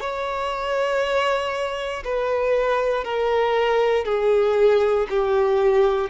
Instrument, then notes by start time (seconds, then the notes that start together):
violin
0.00 C#5
2.04 B4
3.04 A#4
4.05 G#4
5.10 G4